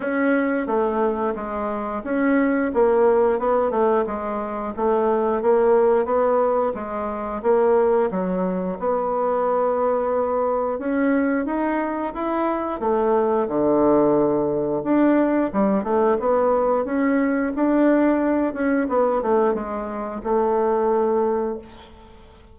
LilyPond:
\new Staff \with { instrumentName = "bassoon" } { \time 4/4 \tempo 4 = 89 cis'4 a4 gis4 cis'4 | ais4 b8 a8 gis4 a4 | ais4 b4 gis4 ais4 | fis4 b2. |
cis'4 dis'4 e'4 a4 | d2 d'4 g8 a8 | b4 cis'4 d'4. cis'8 | b8 a8 gis4 a2 | }